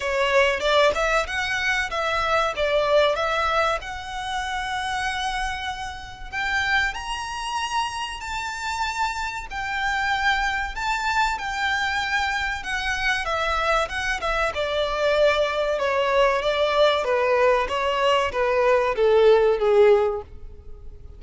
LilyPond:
\new Staff \with { instrumentName = "violin" } { \time 4/4 \tempo 4 = 95 cis''4 d''8 e''8 fis''4 e''4 | d''4 e''4 fis''2~ | fis''2 g''4 ais''4~ | ais''4 a''2 g''4~ |
g''4 a''4 g''2 | fis''4 e''4 fis''8 e''8 d''4~ | d''4 cis''4 d''4 b'4 | cis''4 b'4 a'4 gis'4 | }